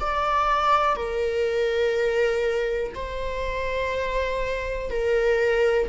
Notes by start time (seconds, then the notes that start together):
0.00 D5
0.96 A#4
2.95 C5
4.90 A#4